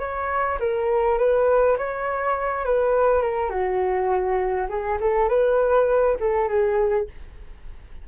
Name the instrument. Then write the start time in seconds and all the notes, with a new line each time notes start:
flute
0.00 C#5
0.60 A#4
1.18 B4
1.78 C#5
2.65 B4
3.22 A#4
3.50 F#4
4.69 G#4
5.01 A4
5.29 B4
6.20 A4
6.49 G#4